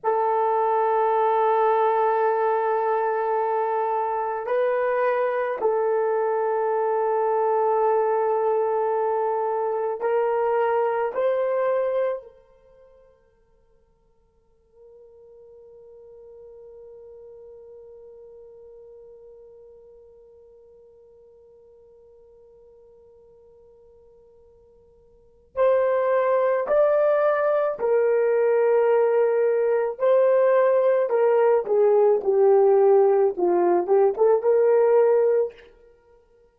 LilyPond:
\new Staff \with { instrumentName = "horn" } { \time 4/4 \tempo 4 = 54 a'1 | b'4 a'2.~ | a'4 ais'4 c''4 ais'4~ | ais'1~ |
ais'1~ | ais'2. c''4 | d''4 ais'2 c''4 | ais'8 gis'8 g'4 f'8 g'16 a'16 ais'4 | }